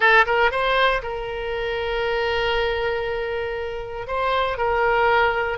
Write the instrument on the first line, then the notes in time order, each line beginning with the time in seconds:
oboe
0.00 A4
0.26 A#4
0.51 C5
1.02 A#4
4.07 C5
4.57 A#4